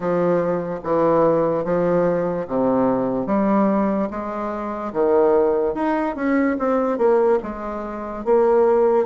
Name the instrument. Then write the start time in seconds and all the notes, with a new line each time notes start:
bassoon
0.00 F3
0.83 E3
1.64 F3
2.47 C3
3.26 G3
4.10 G#3
4.92 D#3
5.74 D#4
6.15 C#4
6.58 C4
6.98 A#3
7.42 G#3
8.25 A#3